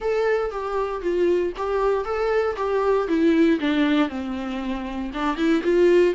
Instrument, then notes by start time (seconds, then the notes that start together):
viola
0.00 A4
0.50 G4
1.01 F4
1.56 G4
2.04 A4
2.56 G4
3.08 E4
3.60 D4
4.08 C4
5.13 D4
5.36 E4
5.63 F4